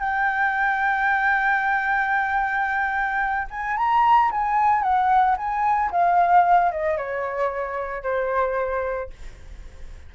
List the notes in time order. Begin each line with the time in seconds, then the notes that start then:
0.00 G5
3.51 G#5
3.77 A#5
4.31 G#5
4.83 F#5
5.37 G#5
5.91 F5
6.72 D#5
6.97 C#5
8.03 C5